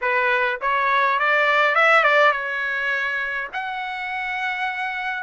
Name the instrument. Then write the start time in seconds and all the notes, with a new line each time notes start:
trumpet
0.01 B4
0.61 C#5
1.19 D5
1.75 E5
2.03 D5
2.31 C#5
3.53 F#5